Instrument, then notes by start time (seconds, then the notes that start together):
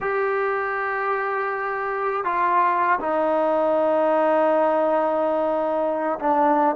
trombone
0.00 G4
2.24 F4
3.00 D#4
6.19 D4